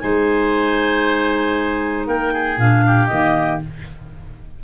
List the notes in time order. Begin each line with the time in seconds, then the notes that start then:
0.00 G#3 D#4 C5 G#5
2.07 A#3 A#4 G5
2.33 G#4
2.58 A#2 D4 F5
2.87 G4
3.07 D#3 A#3 D#5